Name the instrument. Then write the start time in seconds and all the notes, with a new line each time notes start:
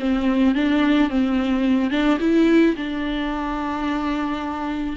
viola
0.00 C4
0.55 D4
1.10 C4
1.91 D4
2.20 E4
2.77 D4